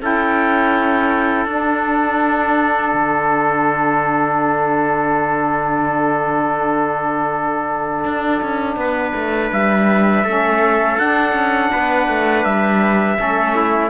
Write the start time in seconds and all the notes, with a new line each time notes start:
0.00 C#4 E4 A4 G5
1.45 D4 F#5
2.93 D3
8.05 D4
8.41 C#4
8.76 B3 B4
9.15 A3
9.52 G3 E5
10.24 A3 C#4 A4
10.98 D4 F#5
11.32 C#4
11.72 B3 B4
12.08 A3
12.44 G3 E5
13.16 A3 C#4 A4
13.56 E4